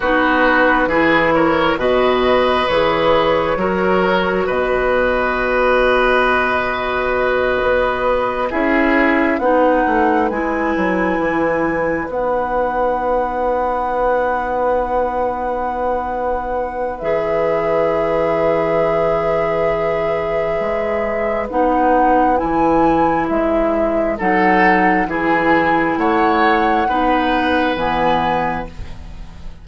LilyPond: <<
  \new Staff \with { instrumentName = "flute" } { \time 4/4 \tempo 4 = 67 b'4. cis''8 dis''4 cis''4~ | cis''4 dis''2.~ | dis''4. e''4 fis''4 gis''8~ | gis''4. fis''2~ fis''8~ |
fis''2. e''4~ | e''1 | fis''4 gis''4 e''4 fis''4 | gis''4 fis''2 gis''4 | }
  \new Staff \with { instrumentName = "oboe" } { \time 4/4 fis'4 gis'8 ais'8 b'2 | ais'4 b'2.~ | b'4. gis'4 b'4.~ | b'1~ |
b'1~ | b'1~ | b'2. a'4 | gis'4 cis''4 b'2 | }
  \new Staff \with { instrumentName = "clarinet" } { \time 4/4 dis'4 e'4 fis'4 gis'4 | fis'1~ | fis'4. e'4 dis'4 e'8~ | e'4. dis'2~ dis'8~ |
dis'2. gis'4~ | gis'1 | dis'4 e'2 dis'4 | e'2 dis'4 b4 | }
  \new Staff \with { instrumentName = "bassoon" } { \time 4/4 b4 e4 b,4 e4 | fis4 b,2.~ | b,8 b4 cis'4 b8 a8 gis8 | fis8 e4 b2~ b8~ |
b2. e4~ | e2. gis4 | b4 e4 gis4 fis4 | e4 a4 b4 e4 | }
>>